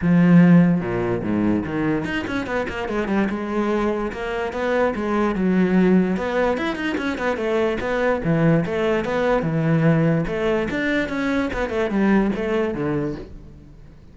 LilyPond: \new Staff \with { instrumentName = "cello" } { \time 4/4 \tempo 4 = 146 f2 ais,4 gis,4 | dis4 dis'8 cis'8 b8 ais8 gis8 g8 | gis2 ais4 b4 | gis4 fis2 b4 |
e'8 dis'8 cis'8 b8 a4 b4 | e4 a4 b4 e4~ | e4 a4 d'4 cis'4 | b8 a8 g4 a4 d4 | }